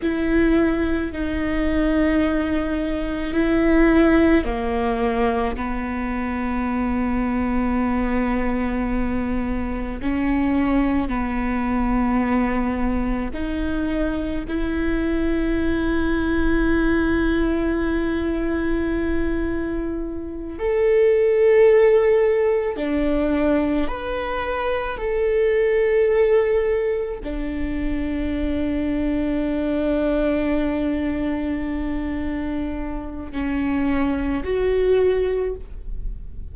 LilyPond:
\new Staff \with { instrumentName = "viola" } { \time 4/4 \tempo 4 = 54 e'4 dis'2 e'4 | ais4 b2.~ | b4 cis'4 b2 | dis'4 e'2.~ |
e'2~ e'8 a'4.~ | a'8 d'4 b'4 a'4.~ | a'8 d'2.~ d'8~ | d'2 cis'4 fis'4 | }